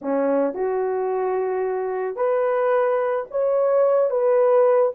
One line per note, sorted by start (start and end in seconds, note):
0.01 0.54 C#4
0.54 2.16 F#4
2.16 3.25 B4
3.30 4.10 C#5
4.10 4.92 B4